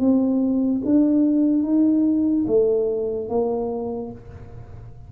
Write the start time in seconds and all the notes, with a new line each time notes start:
0.00 C4
0.86 D4
1.64 D#4
2.48 A3
3.30 A#3